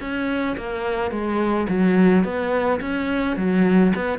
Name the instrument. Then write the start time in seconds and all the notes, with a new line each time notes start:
cello
0.00 C#4
0.57 A#3
1.11 G#3
1.68 F#3
2.24 B3
2.81 C#4
3.36 F#3
3.95 B3